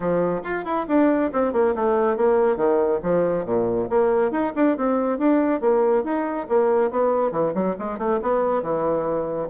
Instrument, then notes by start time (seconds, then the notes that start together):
bassoon
0.00 F3
0.43 F4
0.64 E4
0.88 D4
1.32 C4
1.52 A#3
1.75 A3
2.16 A#3
2.56 D#3
3.02 F3
3.45 A#2
3.89 A#3
4.31 D#4
4.55 D4
4.77 C4
5.18 D4
5.60 A#3
6.03 D#4
6.48 A#3
6.90 B3
7.31 E3
7.54 F#3
7.79 G#3
7.98 A3
8.22 B3
8.62 E3